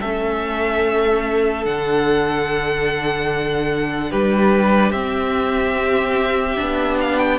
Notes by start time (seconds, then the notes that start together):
0.00 A3 C#4 A4 E5
1.65 D3 D4 F#5
4.11 G3 G4 B4
4.92 C4 E5
6.57 B3 D4
7.00 F5
7.18 G5